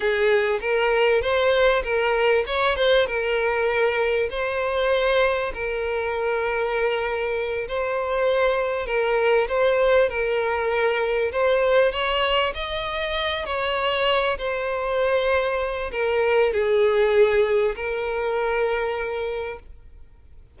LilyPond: \new Staff \with { instrumentName = "violin" } { \time 4/4 \tempo 4 = 98 gis'4 ais'4 c''4 ais'4 | cis''8 c''8 ais'2 c''4~ | c''4 ais'2.~ | ais'8 c''2 ais'4 c''8~ |
c''8 ais'2 c''4 cis''8~ | cis''8 dis''4. cis''4. c''8~ | c''2 ais'4 gis'4~ | gis'4 ais'2. | }